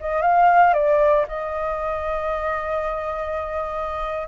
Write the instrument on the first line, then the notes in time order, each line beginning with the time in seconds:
flute
0.00 D#5
0.22 F5
0.73 D5
1.28 D#5